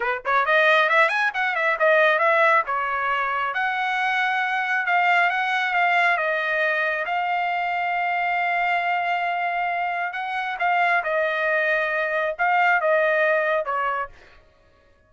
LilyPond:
\new Staff \with { instrumentName = "trumpet" } { \time 4/4 \tempo 4 = 136 b'8 cis''8 dis''4 e''8 gis''8 fis''8 e''8 | dis''4 e''4 cis''2 | fis''2. f''4 | fis''4 f''4 dis''2 |
f''1~ | f''2. fis''4 | f''4 dis''2. | f''4 dis''2 cis''4 | }